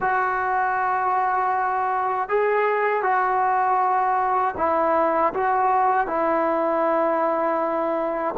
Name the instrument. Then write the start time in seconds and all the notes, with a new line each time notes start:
trombone
0.00 F#4
2.29 G#4
3.02 F#4
4.57 E4
5.33 F#4
6.07 E4